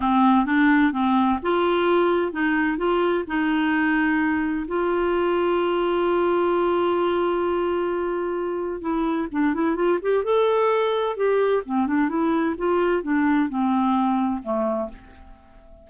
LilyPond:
\new Staff \with { instrumentName = "clarinet" } { \time 4/4 \tempo 4 = 129 c'4 d'4 c'4 f'4~ | f'4 dis'4 f'4 dis'4~ | dis'2 f'2~ | f'1~ |
f'2. e'4 | d'8 e'8 f'8 g'8 a'2 | g'4 c'8 d'8 e'4 f'4 | d'4 c'2 a4 | }